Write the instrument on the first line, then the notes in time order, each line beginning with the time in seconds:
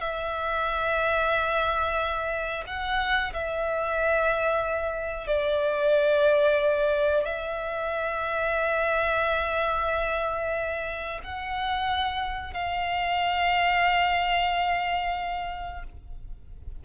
violin
0.00 E5
2.67 F#5
3.33 E5
5.27 D5
7.25 E5
11.23 F#5
12.54 F5